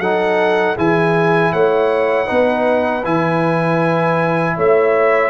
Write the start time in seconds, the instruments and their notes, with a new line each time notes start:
0.00 tuba F#3, trombone D#4, horn A4, trumpet F#5
0.75 tuba E3, trombone E4, horn G#4, trumpet G#5
1.53 tuba A3, horn C#5, trumpet F#5
2.27 tuba B3, trombone D#4, horn B4
3.05 tuba E3, trombone E4, trumpet G#5
4.57 tuba A3, horn C#5, trumpet E5